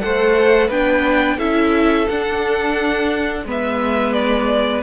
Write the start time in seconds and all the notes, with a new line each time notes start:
0.00 A3 A4 C5 F#5
0.68 B3 D4 B4 G5
1.37 C#4 E4 A4 E5
2.08 D4 F#5
3.45 G#3 B3 B4
3.51 E5
4.13 D5